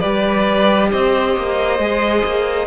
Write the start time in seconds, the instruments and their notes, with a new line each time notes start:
0.00 cello G3, viola G4, violin B4 D5
0.91 cello C4, violin C5 D#5
1.37 cello A#3
1.79 cello G#3, viola G#4
2.25 cello A#3